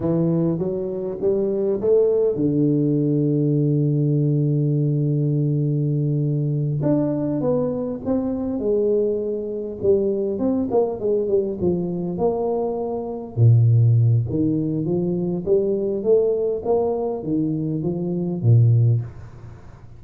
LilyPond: \new Staff \with { instrumentName = "tuba" } { \time 4/4 \tempo 4 = 101 e4 fis4 g4 a4 | d1~ | d2.~ d8 d'8~ | d'8 b4 c'4 gis4.~ |
gis8 g4 c'8 ais8 gis8 g8 f8~ | f8 ais2 ais,4. | dis4 f4 g4 a4 | ais4 dis4 f4 ais,4 | }